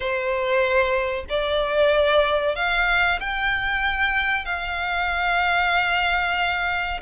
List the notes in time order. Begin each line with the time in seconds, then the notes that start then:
0.00 C5
1.29 D5
2.55 F5
3.19 G5
4.45 F5